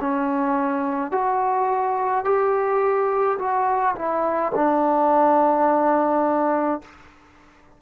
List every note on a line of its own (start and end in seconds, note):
0.00 1.11 C#4
1.11 2.24 F#4
2.24 3.38 G4
3.38 3.95 F#4
3.95 4.52 E4
4.55 6.81 D4